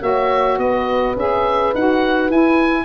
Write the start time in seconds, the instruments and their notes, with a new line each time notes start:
0.00 tuba A#3, saxophone F#4, horn C#5, oboe E5
0.58 tuba B3, horn B4, oboe D#5
1.16 tuba C#4, saxophone G#4, oboe E5
1.74 tuba D#4, saxophone F#4, oboe F#5
2.29 tuba E4, saxophone E4, oboe G#5